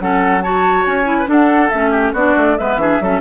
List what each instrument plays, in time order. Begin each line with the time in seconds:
0.00 bassoon F#3, clarinet C#4, oboe A4, flute F#5
0.42 clarinet F#4, oboe C#5, flute A5
0.86 bassoon C#4, flute G#5
1.05 clarinet E4
1.20 oboe B4
1.27 clarinet D4, bassoon D4, oboe A4, flute F#5
1.70 bassoon A3, clarinet C#4, flute E5
1.91 oboe G4
2.13 bassoon B3, clarinet D4, oboe F#4, flute D5
2.37 bassoon A3
2.58 bassoon G#3, clarinet B3, oboe B4, flute E5
2.77 bassoon E3, clarinet D4, oboe G#4
3.01 bassoon F#3, clarinet C#4, oboe A4